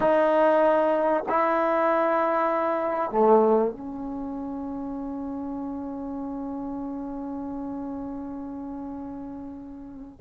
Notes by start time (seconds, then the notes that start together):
0.00 D#4
1.28 E4
3.11 A3
3.71 C#4